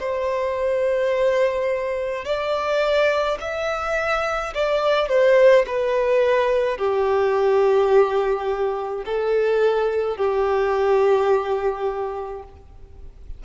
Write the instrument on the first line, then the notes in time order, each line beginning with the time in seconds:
violin
0.00 C5
2.25 D5
3.41 E5
4.55 D5
5.09 C5
5.67 B4
6.78 G4
9.06 A4
10.17 G4